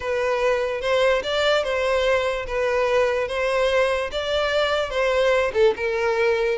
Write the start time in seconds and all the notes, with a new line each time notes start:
0.00 B4
0.81 C5
1.23 D5
1.63 C5
2.47 B4
3.28 C5
4.11 D5
4.90 C5
5.53 A4
5.76 A#4